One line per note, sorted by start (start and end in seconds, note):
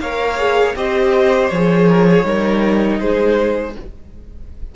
0.00 0.75 A#3
0.00 0.37 A#4
0.00 0.76 C#5
0.00 0.76 F5
0.37 0.75 G#4
0.76 1.51 C4
0.76 1.52 G4
0.76 1.89 C5
0.76 1.49 D#5
1.49 2.24 F3
1.49 2.25 G#4
1.49 2.99 C#5
1.89 2.07 A#4
2.10 2.27 G#4
2.24 2.99 G3
2.24 3.75 D#4
2.24 3.01 A#4
3.00 3.76 G#3
3.00 3.76 G#4
3.00 3.75 C5